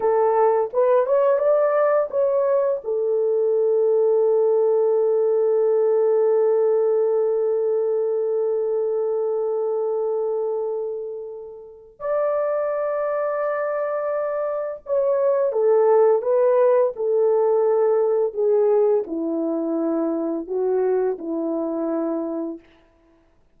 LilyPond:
\new Staff \with { instrumentName = "horn" } { \time 4/4 \tempo 4 = 85 a'4 b'8 cis''8 d''4 cis''4 | a'1~ | a'1~ | a'1~ |
a'4 d''2.~ | d''4 cis''4 a'4 b'4 | a'2 gis'4 e'4~ | e'4 fis'4 e'2 | }